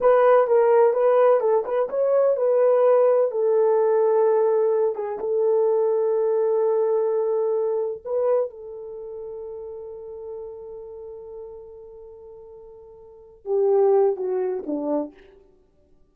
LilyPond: \new Staff \with { instrumentName = "horn" } { \time 4/4 \tempo 4 = 127 b'4 ais'4 b'4 a'8 b'8 | cis''4 b'2 a'4~ | a'2~ a'8 gis'8 a'4~ | a'1~ |
a'4 b'4 a'2~ | a'1~ | a'1~ | a'8 g'4. fis'4 d'4 | }